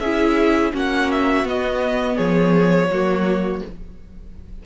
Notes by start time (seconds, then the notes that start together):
0.00 C#4 E4 G#4 E5
0.73 A#3 C#4 F#4 F#5
1.12 E5
1.44 B3 D#5
2.16 F3 G#4 C#5
2.90 F#3 A#3 F#4